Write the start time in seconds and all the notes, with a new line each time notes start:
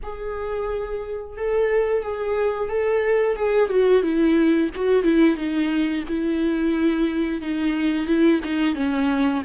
0.02 G#4
1.37 A4
2.02 G#4
2.69 A4
3.36 G#4
3.69 F#4
4.02 E4
4.75 F#4
5.03 E4
5.36 D#4
6.08 E4
7.41 D#4
8.06 E4
8.44 D#4
8.75 C#4